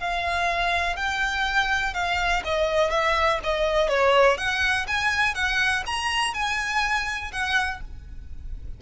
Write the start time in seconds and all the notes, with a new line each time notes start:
0.00 F5
0.96 G5
1.94 F5
2.45 D#5
2.91 E5
3.44 D#5
3.89 C#5
4.38 F#5
4.88 G#5
5.35 F#5
5.86 A#5
6.34 G#5
7.33 F#5